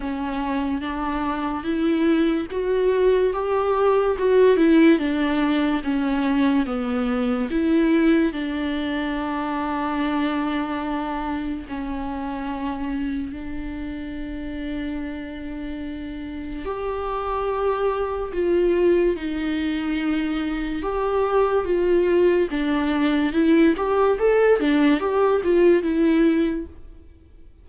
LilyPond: \new Staff \with { instrumentName = "viola" } { \time 4/4 \tempo 4 = 72 cis'4 d'4 e'4 fis'4 | g'4 fis'8 e'8 d'4 cis'4 | b4 e'4 d'2~ | d'2 cis'2 |
d'1 | g'2 f'4 dis'4~ | dis'4 g'4 f'4 d'4 | e'8 g'8 a'8 d'8 g'8 f'8 e'4 | }